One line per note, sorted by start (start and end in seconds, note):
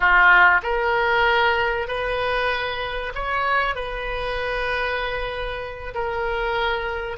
0.00 0.61 F4
0.62 1.87 A#4
1.87 3.12 B4
3.14 3.75 C#5
3.75 5.94 B4
5.94 7.17 A#4